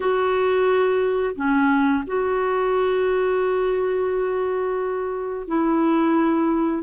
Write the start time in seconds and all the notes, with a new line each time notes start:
0.00 F#4
1.35 C#4
2.06 F#4
5.47 E4